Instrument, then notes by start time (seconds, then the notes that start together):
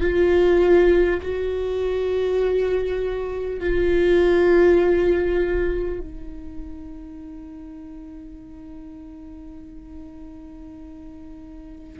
viola
0.00 F4
1.21 F#4
3.59 F4
5.99 D#4